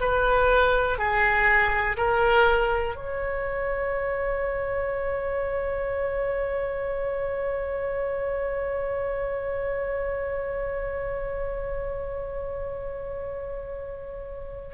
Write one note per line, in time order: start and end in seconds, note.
0.00 0.98 B4
0.98 1.97 G#4
1.97 2.95 A#4
2.95 14.74 C#5